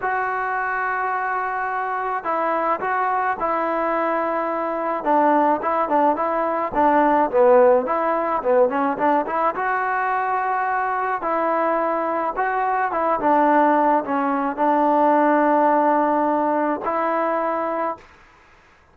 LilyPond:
\new Staff \with { instrumentName = "trombone" } { \time 4/4 \tempo 4 = 107 fis'1 | e'4 fis'4 e'2~ | e'4 d'4 e'8 d'8 e'4 | d'4 b4 e'4 b8 cis'8 |
d'8 e'8 fis'2. | e'2 fis'4 e'8 d'8~ | d'4 cis'4 d'2~ | d'2 e'2 | }